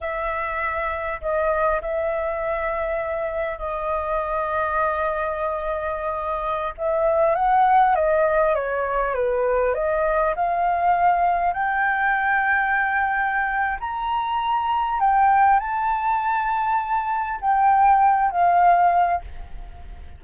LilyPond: \new Staff \with { instrumentName = "flute" } { \time 4/4 \tempo 4 = 100 e''2 dis''4 e''4~ | e''2 dis''2~ | dis''2.~ dis''16 e''8.~ | e''16 fis''4 dis''4 cis''4 b'8.~ |
b'16 dis''4 f''2 g''8.~ | g''2. ais''4~ | ais''4 g''4 a''2~ | a''4 g''4. f''4. | }